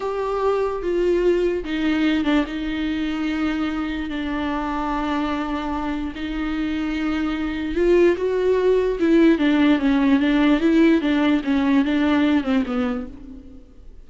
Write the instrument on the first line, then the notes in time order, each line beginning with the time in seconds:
viola
0.00 G4
0.82 F4
1.64 D#4
2.24 D4
2.46 D#4
4.09 D4
6.15 D#4
7.75 F4
8.17 F#4
8.99 E4
9.38 D4
9.79 C#4
10.19 D4
10.60 E4
11.01 D4
11.44 C#4
11.84 D4
12.43 C4
12.66 B3